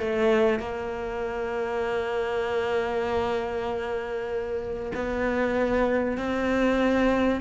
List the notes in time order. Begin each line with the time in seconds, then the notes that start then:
0.00 A3
0.59 A#3
4.95 B3
6.17 C4